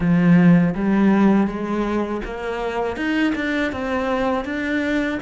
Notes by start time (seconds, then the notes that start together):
0.00 F3
0.74 G3
1.46 G#3
2.24 A#3
2.96 D#4
3.35 D4
3.72 C4
4.44 D4